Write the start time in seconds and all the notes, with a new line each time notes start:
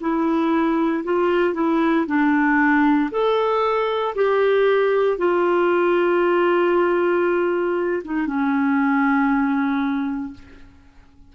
0.00 E4
1.03 F4
1.54 E4
2.06 D4
3.11 A4
4.15 G4
5.18 F4
8.04 D#4
8.27 C#4